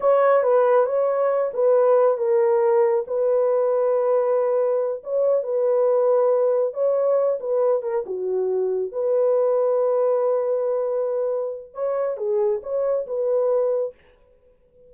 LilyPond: \new Staff \with { instrumentName = "horn" } { \time 4/4 \tempo 4 = 138 cis''4 b'4 cis''4. b'8~ | b'4 ais'2 b'4~ | b'2.~ b'8 cis''8~ | cis''8 b'2. cis''8~ |
cis''4 b'4 ais'8 fis'4.~ | fis'8 b'2.~ b'8~ | b'2. cis''4 | gis'4 cis''4 b'2 | }